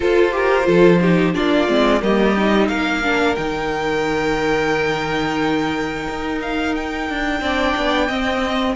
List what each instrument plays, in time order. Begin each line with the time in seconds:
0.00 viola F4, cello F4, violin A4 C5
0.31 viola G4, violin A#4
0.63 cello F3, viola F4, violin A4
1.01 viola D#4, violin G4
1.33 cello A#3, viola D4, violin F4 D5
1.67 cello G#3, viola C4
2.01 cello G3, viola A#3, violin G4 D#5
2.36 viola D#4
2.68 cello A#3, violin A#4 F5
3.02 viola D4
3.35 cello D#3, viola D#4, violin G5
6.09 cello D#4
6.41 violin F5
6.75 violin G5
7.09 cello D4
7.40 cello C4, viola D4, violin D5
7.76 cello B3
8.07 viola C4, cello C4, violin D#5